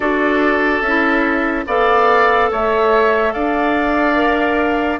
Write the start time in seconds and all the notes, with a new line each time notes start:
0.00 D4 F#4 A4 D5
0.81 C#4 E4 E5
1.66 B3 A4 D5 F5
2.51 A3 C#5 E5
3.33 D4 D5 F5
4.15 A#4